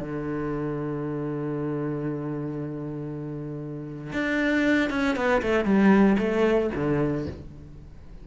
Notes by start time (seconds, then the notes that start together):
0.00 D3
4.13 D4
4.90 C#4
5.16 B3
5.42 A3
5.65 G3
6.18 A3
6.75 D3